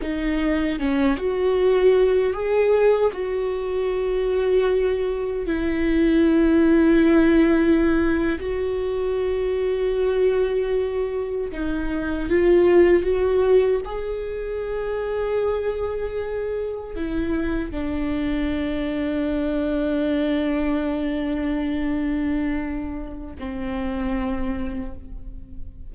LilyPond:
\new Staff \with { instrumentName = "viola" } { \time 4/4 \tempo 4 = 77 dis'4 cis'8 fis'4. gis'4 | fis'2. e'4~ | e'2~ e'8. fis'4~ fis'16~ | fis'2~ fis'8. dis'4 f'16~ |
f'8. fis'4 gis'2~ gis'16~ | gis'4.~ gis'16 e'4 d'4~ d'16~ | d'1~ | d'2 c'2 | }